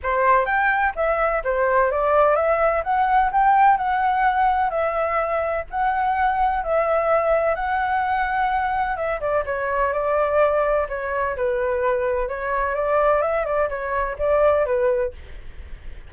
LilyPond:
\new Staff \with { instrumentName = "flute" } { \time 4/4 \tempo 4 = 127 c''4 g''4 e''4 c''4 | d''4 e''4 fis''4 g''4 | fis''2 e''2 | fis''2 e''2 |
fis''2. e''8 d''8 | cis''4 d''2 cis''4 | b'2 cis''4 d''4 | e''8 d''8 cis''4 d''4 b'4 | }